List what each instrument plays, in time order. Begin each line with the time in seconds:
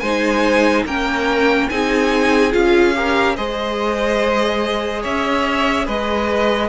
0.00 cello G#3, viola D#4, violin C5 G#5
0.86 cello A#3, viola C#4, violin A#4 G5
1.69 cello C4, viola D#4, violin G#4 G#5
2.52 cello C#4, viola F4, violin F5
2.95 viola G4, violin A#4
3.36 cello G#3, viola G#4, violin C5 D#5
5.02 cello C#4, violin C#5 E5
5.86 cello G#3, violin B4 D#5